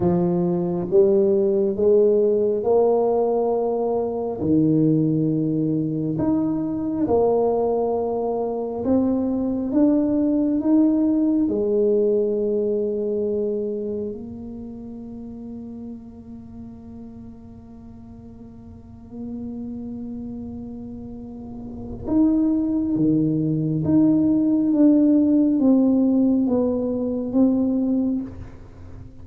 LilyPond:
\new Staff \with { instrumentName = "tuba" } { \time 4/4 \tempo 4 = 68 f4 g4 gis4 ais4~ | ais4 dis2 dis'4 | ais2 c'4 d'4 | dis'4 gis2. |
ais1~ | ais1~ | ais4 dis'4 dis4 dis'4 | d'4 c'4 b4 c'4 | }